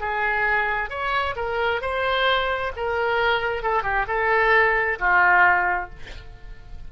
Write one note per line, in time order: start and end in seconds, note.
0.00 0.90 G#4
0.90 1.35 C#5
1.36 1.81 A#4
1.81 2.72 C5
2.76 3.62 A#4
3.62 3.83 A4
3.83 4.06 G4
4.07 4.98 A4
4.99 5.90 F4